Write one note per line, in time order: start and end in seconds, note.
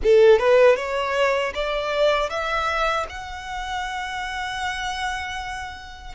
0.03 0.38 A4
0.38 0.76 B4
0.76 1.52 C#5
1.54 2.29 D5
2.29 3.06 E5
3.09 6.14 F#5